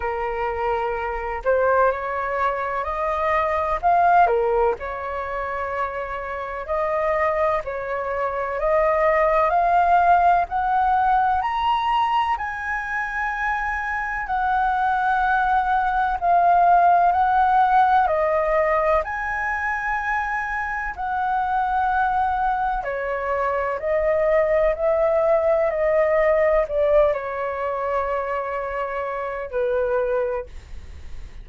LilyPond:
\new Staff \with { instrumentName = "flute" } { \time 4/4 \tempo 4 = 63 ais'4. c''8 cis''4 dis''4 | f''8 ais'8 cis''2 dis''4 | cis''4 dis''4 f''4 fis''4 | ais''4 gis''2 fis''4~ |
fis''4 f''4 fis''4 dis''4 | gis''2 fis''2 | cis''4 dis''4 e''4 dis''4 | d''8 cis''2~ cis''8 b'4 | }